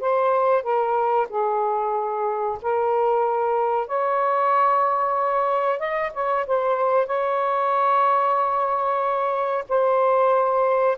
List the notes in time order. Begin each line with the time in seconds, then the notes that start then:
0.00 C5
0.63 A#4
1.29 G#4
2.62 A#4
3.87 C#5
5.79 D#5
6.13 C#5
6.47 C5
7.06 C#5
9.69 C5